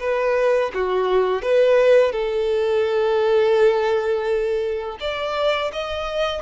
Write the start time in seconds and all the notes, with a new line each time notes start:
0.00 B4
0.74 F#4
1.43 B4
2.12 A4
5.00 D5
5.72 D#5